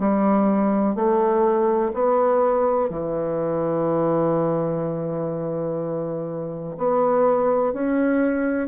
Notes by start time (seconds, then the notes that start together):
0.00 G3
0.95 A3
1.94 B3
2.90 E3
6.78 B3
7.74 C#4